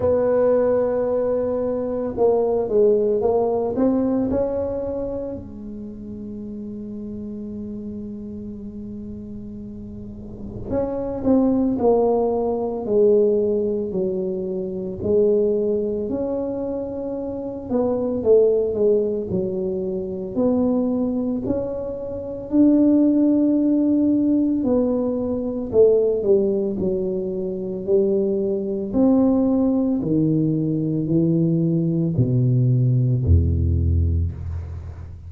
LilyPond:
\new Staff \with { instrumentName = "tuba" } { \time 4/4 \tempo 4 = 56 b2 ais8 gis8 ais8 c'8 | cis'4 gis2.~ | gis2 cis'8 c'8 ais4 | gis4 fis4 gis4 cis'4~ |
cis'8 b8 a8 gis8 fis4 b4 | cis'4 d'2 b4 | a8 g8 fis4 g4 c'4 | dis4 e4 b,4 e,4 | }